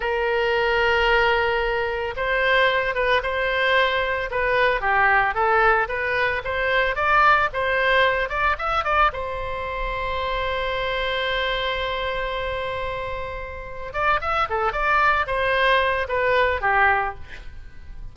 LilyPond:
\new Staff \with { instrumentName = "oboe" } { \time 4/4 \tempo 4 = 112 ais'1 | c''4. b'8 c''2 | b'4 g'4 a'4 b'4 | c''4 d''4 c''4. d''8 |
e''8 d''8 c''2.~ | c''1~ | c''2 d''8 e''8 a'8 d''8~ | d''8 c''4. b'4 g'4 | }